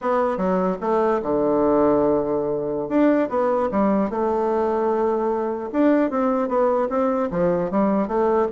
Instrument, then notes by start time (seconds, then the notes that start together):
bassoon
0.01 B3
0.37 F#3
0.80 A3
1.22 D3
2.89 D4
3.29 B3
3.71 G3
4.10 A3
5.72 D4
6.10 C4
6.48 B3
6.89 C4
7.30 F3
7.71 G3
8.07 A3